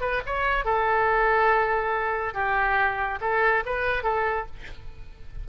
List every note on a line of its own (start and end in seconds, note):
0.00 0.21 B4
0.26 0.64 C#5
0.64 2.34 A4
2.34 3.19 G4
3.21 3.63 A4
3.65 4.03 B4
4.03 4.46 A4